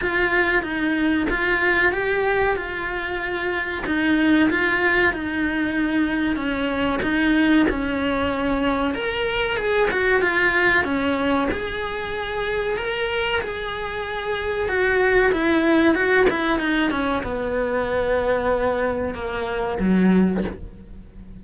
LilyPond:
\new Staff \with { instrumentName = "cello" } { \time 4/4 \tempo 4 = 94 f'4 dis'4 f'4 g'4 | f'2 dis'4 f'4 | dis'2 cis'4 dis'4 | cis'2 ais'4 gis'8 fis'8 |
f'4 cis'4 gis'2 | ais'4 gis'2 fis'4 | e'4 fis'8 e'8 dis'8 cis'8 b4~ | b2 ais4 fis4 | }